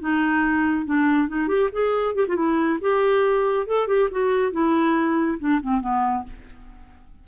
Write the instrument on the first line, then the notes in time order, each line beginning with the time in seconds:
clarinet
0.00 D#4
0.86 D4
1.28 D#4
1.48 G4
1.72 G#4
2.15 G4
2.28 F4
2.36 E4
2.81 G4
3.67 A4
3.87 G4
4.11 F#4
4.52 E4
5.39 D4
5.61 C4
5.81 B3